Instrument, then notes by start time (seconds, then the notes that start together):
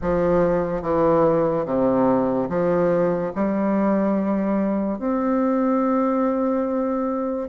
bassoon
0.01 F3
0.82 E3
1.65 C3
2.49 F3
3.35 G3
4.98 C4